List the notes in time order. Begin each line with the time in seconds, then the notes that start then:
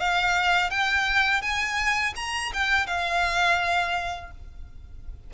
0.00 F5
0.70 G5
1.42 G#5
2.16 A#5
2.54 G5
2.87 F5